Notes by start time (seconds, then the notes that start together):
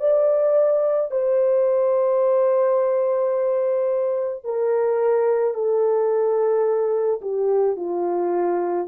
0.00 D5
1.11 C5
4.44 A#4
5.54 A4
7.22 G4
7.76 F4